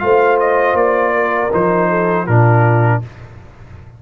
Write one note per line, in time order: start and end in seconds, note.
0.00 0.73 A3
0.00 1.50 F4
0.00 1.14 C5
0.00 0.38 F5
0.40 0.76 D#5
0.73 1.48 A#3
0.73 1.51 D5
1.14 1.89 A#4
1.52 2.27 F3
1.52 2.27 D#4
1.52 2.27 C5
1.89 2.25 A4
2.25 3.02 A#2
2.25 3.02 D4
2.25 3.00 F4
2.25 3.02 A#4